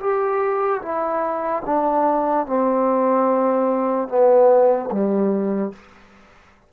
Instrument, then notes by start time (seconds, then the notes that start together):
trombone
0.00 G4
0.82 E4
1.65 D4
2.47 C4
4.08 B3
4.91 G3